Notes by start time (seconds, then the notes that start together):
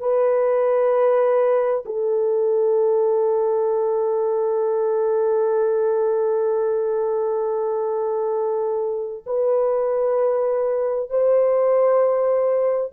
0.00 B4
1.86 A4
9.27 B4
11.10 C5